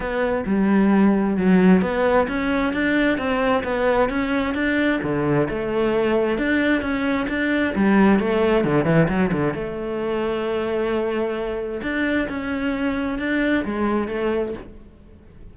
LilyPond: \new Staff \with { instrumentName = "cello" } { \time 4/4 \tempo 4 = 132 b4 g2 fis4 | b4 cis'4 d'4 c'4 | b4 cis'4 d'4 d4 | a2 d'4 cis'4 |
d'4 g4 a4 d8 e8 | fis8 d8 a2.~ | a2 d'4 cis'4~ | cis'4 d'4 gis4 a4 | }